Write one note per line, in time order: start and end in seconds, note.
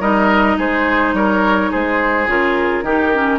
0.00 0.57 G3
0.00 2.27 D#4
0.00 0.57 A#4
0.00 0.58 D#5
0.58 1.13 G#3
0.58 1.15 G#4
0.58 1.15 C5
1.13 1.70 G3
1.13 1.71 A#4
1.13 1.72 C#5
1.71 2.27 G#3
1.71 2.84 G#4
1.71 2.29 C5
2.27 2.83 C#3
2.27 2.84 F4
2.27 3.39 A#4
2.83 3.39 D#3
2.83 3.14 D#4
2.83 3.39 G4
3.14 3.39 C#4